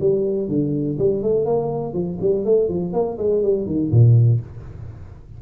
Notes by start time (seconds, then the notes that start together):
0.00 G3
0.48 D3
0.98 G3
1.22 A3
1.45 A#3
1.93 F3
2.20 G3
2.45 A3
2.68 F3
2.93 A#3
3.18 G#3
3.42 G3
3.66 D#3
3.91 A#2